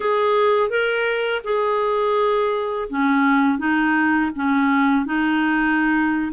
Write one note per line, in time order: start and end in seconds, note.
0.00 0.69 G#4
0.69 1.42 A#4
1.44 2.88 G#4
2.89 3.58 C#4
3.58 4.30 D#4
4.35 5.05 C#4
5.05 6.32 D#4